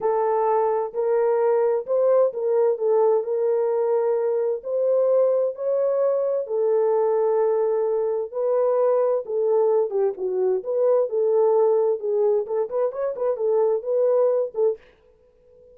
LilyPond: \new Staff \with { instrumentName = "horn" } { \time 4/4 \tempo 4 = 130 a'2 ais'2 | c''4 ais'4 a'4 ais'4~ | ais'2 c''2 | cis''2 a'2~ |
a'2 b'2 | a'4. g'8 fis'4 b'4 | a'2 gis'4 a'8 b'8 | cis''8 b'8 a'4 b'4. a'8 | }